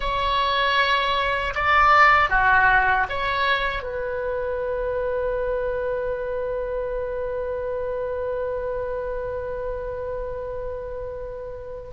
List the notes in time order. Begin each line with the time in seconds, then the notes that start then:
0.00 C#5
1.55 D5
2.29 F#4
3.09 C#5
3.83 B4